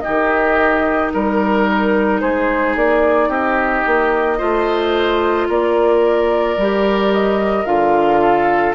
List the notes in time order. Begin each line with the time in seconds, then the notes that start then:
0.00 D#4 G4 D#5
0.07 D#3
1.12 G3 A#4
2.20 G#3 G#4 C5
2.76 A#3 D5
3.28 C4 G4 D#5
3.86 A#3
4.38 A3 F4 C5
5.48 A#3 A#4 D5
6.57 G3 G4
7.12 D#5
7.65 D3 F4 F5
8.21 A4